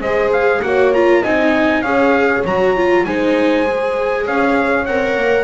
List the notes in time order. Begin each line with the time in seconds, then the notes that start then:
0.00 G#3 G#4 C5 D#5
0.33 F5
0.62 A#3 F#4 C#5 F#5
0.93 F4 A#5
1.22 C4 D#4 D#5 G#5
1.82 C#4 G#4 C#5 F5
2.45 F#3 F#4 A#5
2.77 F4
3.05 G#3 D#4 C5 G#5
3.66 G#4
4.25 C#4 C#5 F5
4.85 C4 A#4 F#5
5.17 A#3